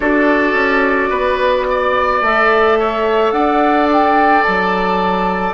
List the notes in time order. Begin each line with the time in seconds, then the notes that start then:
0.00 D4 F#4 A4 D5
0.53 C#4
1.09 B3 B4
1.70 D5
2.21 A3 A4 E5
2.79 C#5
3.31 D4 D5 F#5
3.92 G5
4.42 F#3 A5